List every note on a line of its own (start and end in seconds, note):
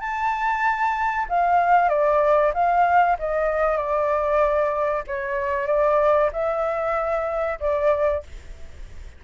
0.00 1.26 A5
1.29 1.89 F5
1.89 2.52 D5
2.54 3.17 F5
3.19 3.77 D#5
3.77 5.04 D5
5.07 5.67 C#5
5.67 6.30 D5
6.33 7.59 E5
7.60 8.23 D5